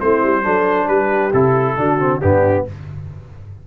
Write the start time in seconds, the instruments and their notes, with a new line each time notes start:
0.00 tuba A3, trombone C4, horn E4, trumpet C5
0.23 tuba G3
0.43 tuba F#3, trombone D4, horn A4
0.87 tuba G3, horn G4, trumpet B4
1.33 tuba C3, trombone E4, trumpet A4
1.77 tuba D3, trombone D4, horn F#4
1.99 trombone C4
2.21 tuba G2, trombone B3, horn D4, trumpet G4